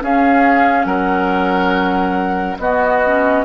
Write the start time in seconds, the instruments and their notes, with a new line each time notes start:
0.00 clarinet C#4, bassoon C#4, oboe G#4, flute F5
0.85 bassoon F#3, oboe A#4, flute F#5
2.59 bassoon B3, clarinet B3, oboe F#4, flute D#5
3.05 clarinet C#4